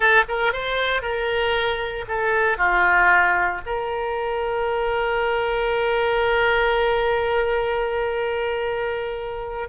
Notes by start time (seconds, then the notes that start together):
0.00 A4
0.28 A#4
0.52 C5
1.01 A#4
2.08 A4
2.57 F4
3.65 A#4